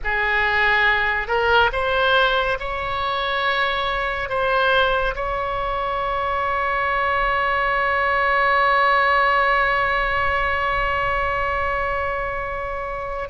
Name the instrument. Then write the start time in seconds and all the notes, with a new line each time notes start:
oboe
0.04 G#4
1.27 A#4
1.72 C5
2.59 C#5
4.29 C5
5.15 C#5